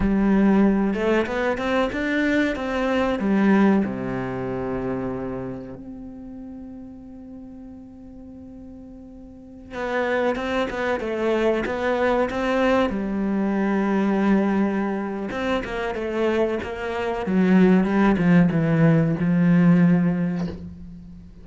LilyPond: \new Staff \with { instrumentName = "cello" } { \time 4/4 \tempo 4 = 94 g4. a8 b8 c'8 d'4 | c'4 g4 c2~ | c4 c'2.~ | c'2.~ c'16 b8.~ |
b16 c'8 b8 a4 b4 c'8.~ | c'16 g2.~ g8. | c'8 ais8 a4 ais4 fis4 | g8 f8 e4 f2 | }